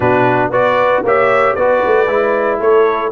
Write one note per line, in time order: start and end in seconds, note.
0.00 0.49 B2
0.00 0.52 D4
0.00 0.51 F#4
0.00 0.51 B4
0.49 1.01 B3
0.49 1.04 F#4
0.49 1.03 B4
0.49 1.04 D5
1.03 1.55 A#3
1.03 1.58 G4
1.03 1.55 C#5
1.03 1.55 E5
1.55 1.82 B3
1.55 2.07 F#4
1.55 2.58 B4
1.55 2.59 D5
1.86 2.07 A3
2.07 2.59 G#3
2.07 3.11 E4
2.58 3.12 A3
2.58 3.10 A4
2.58 3.12 C#5